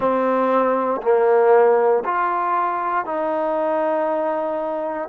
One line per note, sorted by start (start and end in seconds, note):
0.00 1.01 C4
1.02 2.03 A#3
2.04 3.05 F4
3.05 5.08 D#4